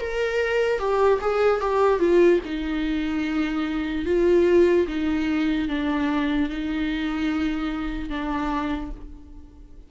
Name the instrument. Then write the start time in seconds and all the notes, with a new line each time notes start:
viola
0.00 A#4
0.79 G4
1.21 G#4
1.60 G4
1.99 F4
2.45 D#4
4.05 F4
4.87 D#4
5.68 D4
6.49 D#4
8.09 D4